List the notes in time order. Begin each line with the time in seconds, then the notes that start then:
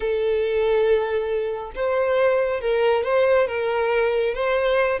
0.00 A4
1.75 C5
2.60 A#4
3.04 C5
3.47 A#4
4.34 C5